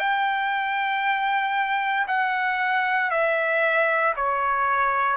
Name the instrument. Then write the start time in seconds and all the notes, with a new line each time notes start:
trumpet
0.00 G5
2.08 F#5
3.11 E5
4.16 C#5